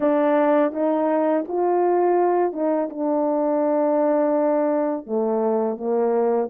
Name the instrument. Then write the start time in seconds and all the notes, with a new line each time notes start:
horn
0.00 D4
0.72 D#4
1.48 F4
2.52 D#4
2.89 D4
5.06 A3
5.77 A#3